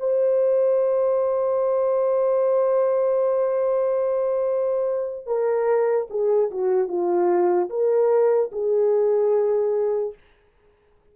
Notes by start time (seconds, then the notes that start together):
0.00 C5
5.27 A#4
6.10 G#4
6.52 F#4
6.89 F4
7.70 A#4
8.52 G#4